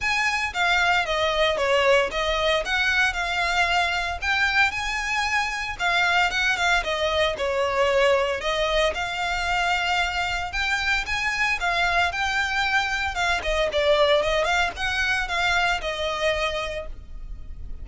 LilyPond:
\new Staff \with { instrumentName = "violin" } { \time 4/4 \tempo 4 = 114 gis''4 f''4 dis''4 cis''4 | dis''4 fis''4 f''2 | g''4 gis''2 f''4 | fis''8 f''8 dis''4 cis''2 |
dis''4 f''2. | g''4 gis''4 f''4 g''4~ | g''4 f''8 dis''8 d''4 dis''8 f''8 | fis''4 f''4 dis''2 | }